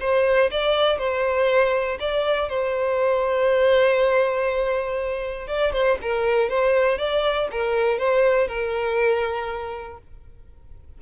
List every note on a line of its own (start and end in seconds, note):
0.00 0.50 C5
0.51 0.98 D5
0.98 1.98 C5
2.00 2.49 D5
2.49 5.47 C5
5.47 5.72 D5
5.73 5.98 C5
6.02 6.49 A#4
6.49 6.98 C5
6.98 7.48 D5
7.51 7.98 A#4
7.98 8.48 C5
8.48 9.98 A#4